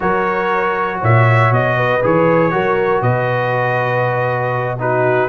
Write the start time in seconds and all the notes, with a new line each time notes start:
0.00 F#3 F#4 A#4 C#5
0.99 A#2 C#5 E5
1.50 B2 D#5
1.76 B4
2.01 E3 G#4 C#5
2.51 F#3 F#4 A#4
3.01 B2 B4 D#5
4.79 D#4 F#4 B4